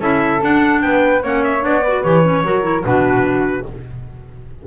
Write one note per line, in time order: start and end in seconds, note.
0.00 0.41 C#4
0.00 0.41 E4
0.00 0.81 A4
0.00 0.43 E5
0.41 1.22 D4
0.41 0.83 D4
0.41 0.82 F#5
0.82 1.23 B3
0.82 1.23 B4
0.82 1.22 G5
1.23 1.64 A#3
1.23 1.60 C#4
1.23 1.84 C#5
1.23 1.44 F#5
1.44 1.64 E5
1.60 2.05 B3
1.60 1.80 D4
1.60 2.04 D5
1.84 2.04 F#4
1.84 2.44 B4
2.04 2.44 E3
2.04 2.23 G4
2.04 2.85 C#5
2.23 2.43 C#4
2.44 2.85 F#3
2.44 2.62 F#4
2.44 2.85 A#4
2.62 2.82 E4
2.83 3.66 B2
2.83 3.64 D4
2.83 3.66 F#4
2.83 3.67 B4